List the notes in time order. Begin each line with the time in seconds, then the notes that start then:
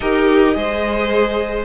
0.00 D#4 G4 A#4 D#5
0.55 G#3 G#4 C5